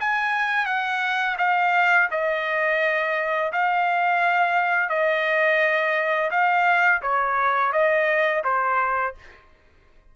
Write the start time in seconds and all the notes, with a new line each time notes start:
0.00 G#5
0.66 F#5
1.38 F5
2.11 D#5
3.52 F5
4.89 D#5
6.31 F5
7.02 C#5
7.72 D#5
8.44 C5